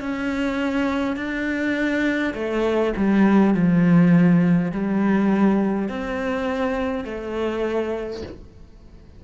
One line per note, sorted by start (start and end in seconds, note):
0.00 1.16 C#4
1.16 2.34 D4
2.34 2.93 A3
2.96 3.54 G3
3.54 4.72 F3
4.72 5.89 G3
5.89 7.05 C4
7.05 8.22 A3